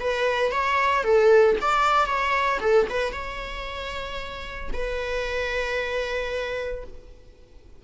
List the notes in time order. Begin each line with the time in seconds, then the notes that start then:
0.00 B4
0.52 C#5
1.04 A4
1.61 D5
2.06 C#5
2.61 A4
2.90 B4
3.12 C#5
4.73 B4